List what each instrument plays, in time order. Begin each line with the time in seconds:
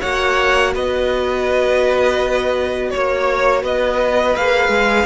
0.00 cello A#3, viola F#4, violin C#5 F#5
0.73 cello B3, violin B4 D#5
2.90 cello A#3, violin C#5
3.62 cello B3, violin B4 D#5
4.36 cello A#3, viola G#4, violin F5
4.68 cello G#3